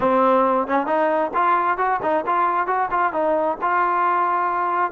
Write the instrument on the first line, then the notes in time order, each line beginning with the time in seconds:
trombone
0.00 C4
0.67 C#4
0.86 D#4
1.34 F4
1.77 F#4
2.02 D#4
2.26 F4
2.66 F#4
2.91 F4
3.13 D#4
3.61 F4